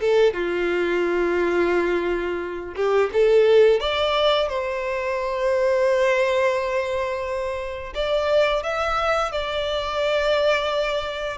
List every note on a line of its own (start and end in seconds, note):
0.00 0.33 A4
0.33 2.75 F4
2.76 3.10 G4
3.13 3.80 A4
3.80 4.48 D5
4.48 7.93 C5
7.94 8.63 D5
8.63 9.31 E5
9.31 11.37 D5